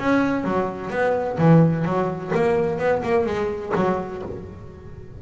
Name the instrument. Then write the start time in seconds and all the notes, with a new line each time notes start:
double bass
0.00 C#4
0.45 F#3
0.91 B3
1.38 E3
1.85 F#3
2.35 A#3
2.79 B3
3.03 A#3
3.26 G#3
3.76 F#3